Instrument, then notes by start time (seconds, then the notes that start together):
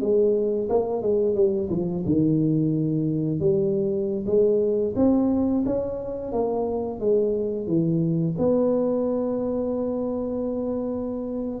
tuba
0.00 G#3
0.69 A#3
1.02 G#3
1.35 G3
1.69 F3
2.05 D#3
3.40 G3
4.26 G#3
4.96 C4
5.66 C#4
6.32 A#3
6.99 G#3
7.67 E3
8.38 B3